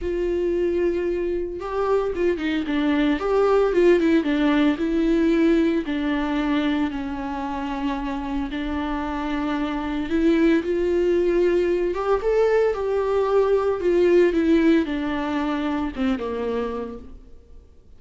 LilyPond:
\new Staff \with { instrumentName = "viola" } { \time 4/4 \tempo 4 = 113 f'2. g'4 | f'8 dis'8 d'4 g'4 f'8 e'8 | d'4 e'2 d'4~ | d'4 cis'2. |
d'2. e'4 | f'2~ f'8 g'8 a'4 | g'2 f'4 e'4 | d'2 c'8 ais4. | }